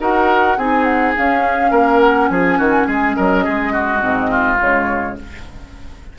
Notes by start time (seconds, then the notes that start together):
0.00 D#4 F#4 A#4 F#5
0.57 C4 D#4 G#4 G#5
0.84 F#5
1.16 C#4 F5
1.71 A#3 A#4
2.00 F#5
2.29 F3 G#4 G#5
2.58 D#3 F#4
2.87 G#3 G#4
3.15 F#3 A#4 D#5
3.44 G#3 G#4
3.73 F#4
4.00 G#2 C4
4.30 F4
4.59 C#3 G#3 C#5